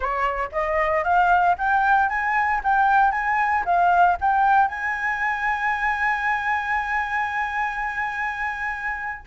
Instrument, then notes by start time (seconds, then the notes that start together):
flute
0.00 C#5
0.51 D#5
1.03 F5
1.58 G5
2.09 G#5
2.63 G5
3.11 G#5
3.65 F5
4.20 G5
4.67 G#5